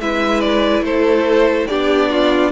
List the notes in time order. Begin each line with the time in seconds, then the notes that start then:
0.00 G#3 E4 B4 E5
0.41 D5
0.81 A3 A4 C5
1.67 B3 D4 G4 D5
2.11 F4